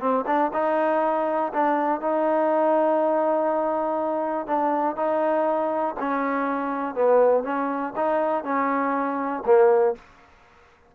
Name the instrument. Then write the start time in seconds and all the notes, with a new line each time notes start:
trombone
0.00 C4
0.26 D4
0.53 D#4
1.53 D4
2.01 D#4
4.47 D4
4.96 D#4
5.99 C#4
6.95 B3
7.43 C#4
7.96 D#4
8.44 C#4
9.46 A#3